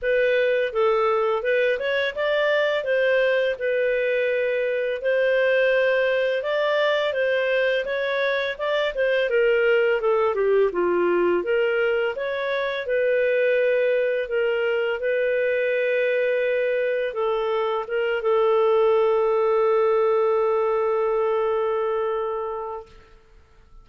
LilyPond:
\new Staff \with { instrumentName = "clarinet" } { \time 4/4 \tempo 4 = 84 b'4 a'4 b'8 cis''8 d''4 | c''4 b'2 c''4~ | c''4 d''4 c''4 cis''4 | d''8 c''8 ais'4 a'8 g'8 f'4 |
ais'4 cis''4 b'2 | ais'4 b'2. | a'4 ais'8 a'2~ a'8~ | a'1 | }